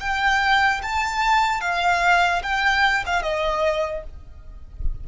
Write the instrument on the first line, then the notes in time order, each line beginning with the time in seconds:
violin
0.00 G5
0.83 A5
1.61 F5
2.43 G5
3.06 F5
3.22 D#5